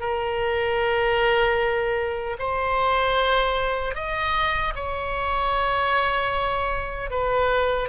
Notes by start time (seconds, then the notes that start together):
0.00 A#4
2.39 C5
3.95 D#5
4.75 C#5
7.10 B4